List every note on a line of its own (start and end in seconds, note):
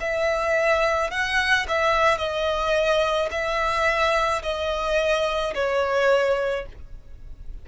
0.00 1.11 E5
1.11 1.66 F#5
1.68 2.18 E5
2.18 3.29 D#5
3.31 4.42 E5
4.42 5.54 D#5
5.55 6.66 C#5